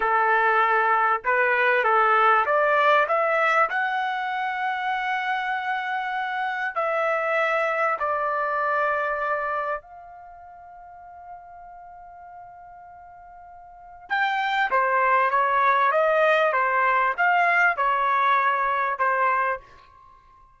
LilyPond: \new Staff \with { instrumentName = "trumpet" } { \time 4/4 \tempo 4 = 98 a'2 b'4 a'4 | d''4 e''4 fis''2~ | fis''2. e''4~ | e''4 d''2. |
f''1~ | f''2. g''4 | c''4 cis''4 dis''4 c''4 | f''4 cis''2 c''4 | }